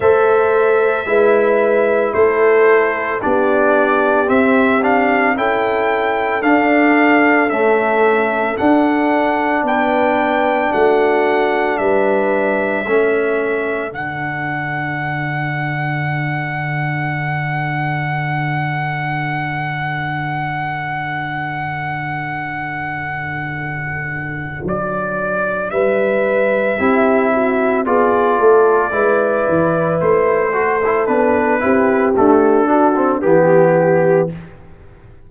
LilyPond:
<<
  \new Staff \with { instrumentName = "trumpet" } { \time 4/4 \tempo 4 = 56 e''2 c''4 d''4 | e''8 f''8 g''4 f''4 e''4 | fis''4 g''4 fis''4 e''4~ | e''4 fis''2.~ |
fis''1~ | fis''2. d''4 | e''2 d''2 | c''4 b'4 a'4 g'4 | }
  \new Staff \with { instrumentName = "horn" } { \time 4/4 c''4 b'4 a'4 g'4~ | g'4 a'2.~ | a'4 b'4 fis'4 b'4 | a'1~ |
a'1~ | a'1 | b'4 g'8 fis'8 gis'8 a'8 b'4~ | b'8 a'4 g'4 fis'8 g'4 | }
  \new Staff \with { instrumentName = "trombone" } { \time 4/4 a'4 e'2 d'4 | c'8 d'8 e'4 d'4 a4 | d'1 | cis'4 d'2.~ |
d'1~ | d'1~ | d'4 e'4 f'4 e'4~ | e'8 fis'16 e'16 d'8 e'8 a8 d'16 c'16 b4 | }
  \new Staff \with { instrumentName = "tuba" } { \time 4/4 a4 gis4 a4 b4 | c'4 cis'4 d'4 cis'4 | d'4 b4 a4 g4 | a4 d2.~ |
d1~ | d2. fis4 | g4 c'4 b8 a8 gis8 e8 | a4 b8 c'8 d'4 e4 | }
>>